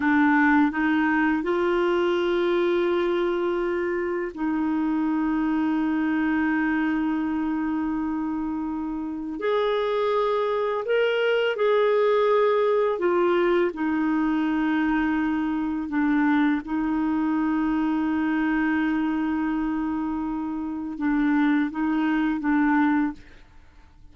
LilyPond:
\new Staff \with { instrumentName = "clarinet" } { \time 4/4 \tempo 4 = 83 d'4 dis'4 f'2~ | f'2 dis'2~ | dis'1~ | dis'4 gis'2 ais'4 |
gis'2 f'4 dis'4~ | dis'2 d'4 dis'4~ | dis'1~ | dis'4 d'4 dis'4 d'4 | }